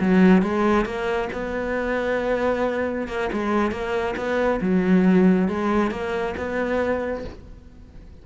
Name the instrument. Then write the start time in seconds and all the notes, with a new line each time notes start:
cello
0.00 F#3
0.42 G#3
0.85 A#3
1.32 B3
3.08 A#3
3.32 G#3
3.71 A#3
4.16 B3
4.61 F#3
5.48 G#3
5.91 A#3
6.37 B3